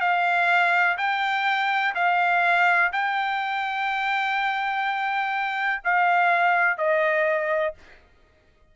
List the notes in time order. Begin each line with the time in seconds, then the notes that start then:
0.00 F5
0.97 G5
1.94 F5
2.92 G5
5.84 F5
6.77 D#5